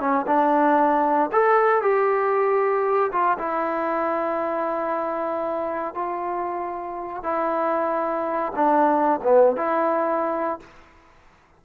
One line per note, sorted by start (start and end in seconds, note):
0.00 0.26 C#4
0.27 1.30 D4
1.32 1.82 A4
1.82 3.12 G4
3.12 3.38 F4
3.39 5.94 E4
5.94 7.23 F4
7.23 8.53 E4
8.56 9.20 D4
9.24 9.56 B3
9.56 10.60 E4